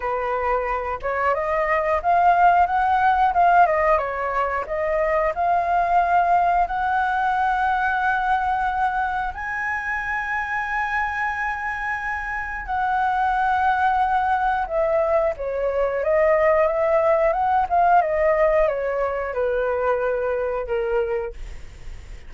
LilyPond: \new Staff \with { instrumentName = "flute" } { \time 4/4 \tempo 4 = 90 b'4. cis''8 dis''4 f''4 | fis''4 f''8 dis''8 cis''4 dis''4 | f''2 fis''2~ | fis''2 gis''2~ |
gis''2. fis''4~ | fis''2 e''4 cis''4 | dis''4 e''4 fis''8 f''8 dis''4 | cis''4 b'2 ais'4 | }